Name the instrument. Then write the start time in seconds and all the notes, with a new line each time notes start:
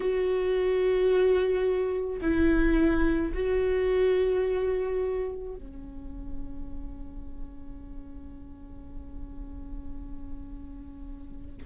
viola
0.00 F#4
2.21 E4
3.34 F#4
5.55 C#4